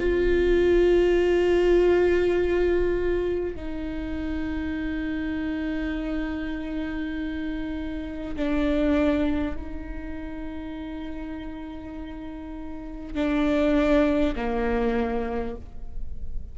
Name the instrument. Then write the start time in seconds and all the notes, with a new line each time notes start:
viola
0.00 F4
3.56 D#4
8.36 D4
9.57 D#4
13.15 D4
14.36 A#3